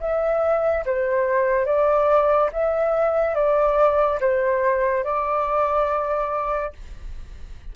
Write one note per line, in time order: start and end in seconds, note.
0.00 0.85 E5
0.86 1.65 C5
1.65 2.50 D5
2.52 3.35 E5
3.35 4.19 D5
4.20 5.04 C5
5.04 6.73 D5